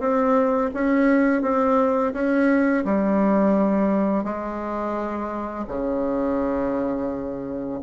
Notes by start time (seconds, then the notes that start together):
0.00 C4
0.74 C#4
1.42 C4
2.13 C#4
2.85 G3
4.24 G#3
5.68 C#3